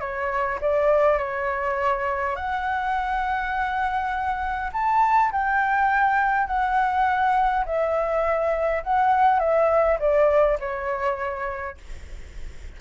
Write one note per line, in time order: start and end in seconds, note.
0.00 0.59 C#5
0.61 1.18 D5
1.18 2.36 C#5
2.36 4.71 F#5
4.72 5.31 A5
5.32 6.47 G5
6.47 7.64 F#5
7.65 8.83 E5
8.83 9.39 F#5
9.39 9.98 E5
9.99 10.58 D5
10.59 11.77 C#5